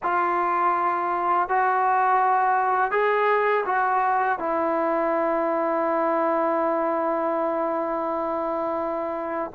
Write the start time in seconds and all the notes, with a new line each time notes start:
0.03 F4
1.48 F#4
2.91 G#4
3.65 F#4
4.39 E4